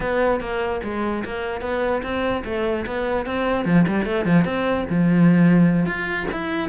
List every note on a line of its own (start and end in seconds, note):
0.00 0.40 B3
0.40 0.81 A#3
0.83 1.24 G#3
1.24 1.61 A#3
1.61 2.01 B3
2.02 2.43 C4
2.45 2.85 A3
2.86 3.25 B3
3.25 3.65 C4
3.65 3.85 F3
3.87 4.05 G3
4.05 4.25 A3
4.25 4.44 F3
4.44 4.85 C4
4.89 5.86 F3
5.86 6.26 F4
6.32 6.69 E4